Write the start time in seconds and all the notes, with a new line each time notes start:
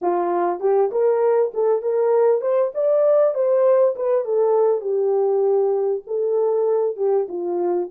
0.01 F4
0.60 G4
0.91 A#4
1.54 A4
1.82 A#4
2.41 C5
2.74 D5
3.34 C5
3.95 B4
4.24 A4
4.80 G4
6.06 A4
6.96 G4
7.28 F4